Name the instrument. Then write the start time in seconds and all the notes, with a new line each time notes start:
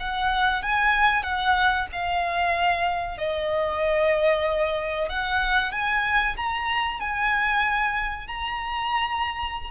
violin
0.00 F#5
0.63 G#5
1.23 F#5
1.92 F5
3.18 D#5
5.09 F#5
5.72 G#5
6.37 A#5
7.00 G#5
8.28 A#5